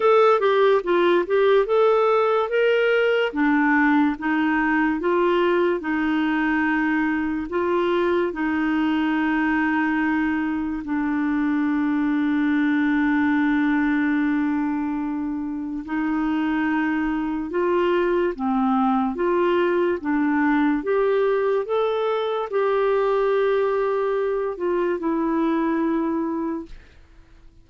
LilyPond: \new Staff \with { instrumentName = "clarinet" } { \time 4/4 \tempo 4 = 72 a'8 g'8 f'8 g'8 a'4 ais'4 | d'4 dis'4 f'4 dis'4~ | dis'4 f'4 dis'2~ | dis'4 d'2.~ |
d'2. dis'4~ | dis'4 f'4 c'4 f'4 | d'4 g'4 a'4 g'4~ | g'4. f'8 e'2 | }